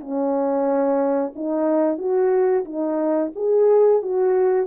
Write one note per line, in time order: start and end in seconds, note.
0.00 1.33 C#4
1.35 1.98 D#4
1.98 2.65 F#4
2.65 3.32 D#4
3.35 4.02 G#4
4.02 4.67 F#4